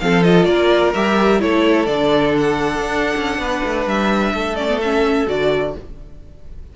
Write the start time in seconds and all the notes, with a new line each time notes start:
0.00 F3 C4 A4 F5
0.23 F4 D#5
0.45 A#3 A#4 D5
0.94 G3 G4 E5
1.40 A3 E4 A4 C#5
1.86 D3 D4 D5
2.38 F#5
2.80 D4
3.16 C#4
3.39 B3 B4
3.64 A3
3.86 G3 E5
4.33 A3 A4
4.56 C#4 D5
4.69 B3
4.81 C#4 E5
5.27 D3 F#4 D5